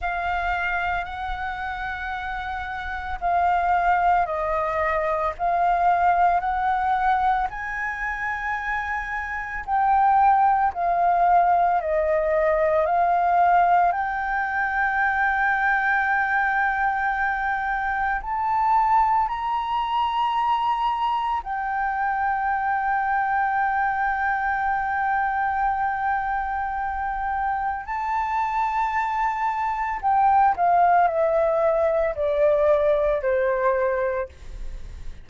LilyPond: \new Staff \with { instrumentName = "flute" } { \time 4/4 \tempo 4 = 56 f''4 fis''2 f''4 | dis''4 f''4 fis''4 gis''4~ | gis''4 g''4 f''4 dis''4 | f''4 g''2.~ |
g''4 a''4 ais''2 | g''1~ | g''2 a''2 | g''8 f''8 e''4 d''4 c''4 | }